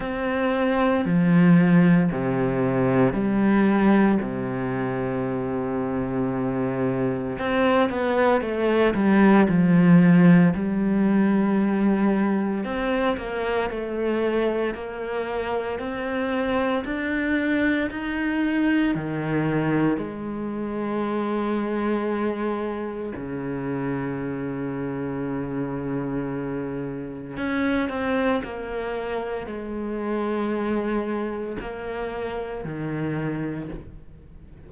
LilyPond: \new Staff \with { instrumentName = "cello" } { \time 4/4 \tempo 4 = 57 c'4 f4 c4 g4 | c2. c'8 b8 | a8 g8 f4 g2 | c'8 ais8 a4 ais4 c'4 |
d'4 dis'4 dis4 gis4~ | gis2 cis2~ | cis2 cis'8 c'8 ais4 | gis2 ais4 dis4 | }